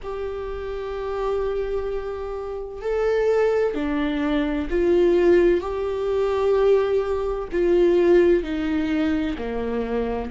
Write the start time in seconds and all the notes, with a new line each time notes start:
0.03 G4
2.81 A4
3.74 D4
4.70 F4
5.60 G4
7.52 F4
8.43 D#4
9.37 A#3